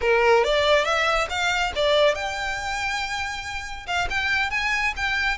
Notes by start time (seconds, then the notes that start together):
0.01 A#4
0.44 D5
0.84 E5
1.29 F5
1.75 D5
2.14 G5
3.86 F5
4.09 G5
4.50 G#5
4.96 G5